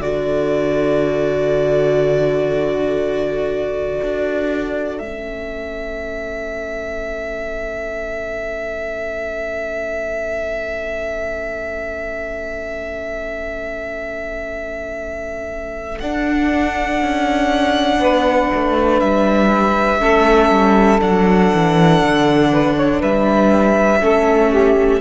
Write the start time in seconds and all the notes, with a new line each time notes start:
0.00 D3 F#4 A4 D5
4.03 D4
4.98 A3 C#4 E5
16.00 D4 F#5
17.02 C#4
17.99 B3 B4
18.55 A3
19.00 G3 E5
19.99 A3 C#4 A4
20.50 G3
20.99 F#3 D4 F#5
21.54 E3
22.03 D3
22.52 B4
22.76 C#5
23.00 G3 B4 E5
24.01 A3 C#4 A4
24.51 G4